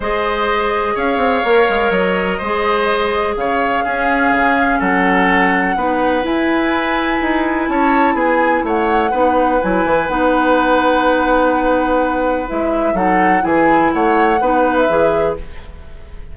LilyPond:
<<
  \new Staff \with { instrumentName = "flute" } { \time 4/4 \tempo 4 = 125 dis''2 f''2 | dis''2. f''4~ | f''2 fis''2~ | fis''4 gis''2. |
a''4 gis''4 fis''2 | gis''4 fis''2.~ | fis''2 e''4 fis''4 | gis''4 fis''4.~ fis''16 e''4~ e''16 | }
  \new Staff \with { instrumentName = "oboe" } { \time 4/4 c''2 cis''2~ | cis''4 c''2 cis''4 | gis'2 a'2 | b'1 |
cis''4 gis'4 cis''4 b'4~ | b'1~ | b'2. a'4 | gis'4 cis''4 b'2 | }
  \new Staff \with { instrumentName = "clarinet" } { \time 4/4 gis'2. ais'4~ | ais'4 gis'2. | cis'1 | dis'4 e'2.~ |
e'2. dis'4 | e'4 dis'2.~ | dis'2 e'4 dis'4 | e'2 dis'4 gis'4 | }
  \new Staff \with { instrumentName = "bassoon" } { \time 4/4 gis2 cis'8 c'8 ais8 gis8 | fis4 gis2 cis4 | cis'4 cis4 fis2 | b4 e'2 dis'4 |
cis'4 b4 a4 b4 | fis8 e8 b2.~ | b2 gis4 fis4 | e4 a4 b4 e4 | }
>>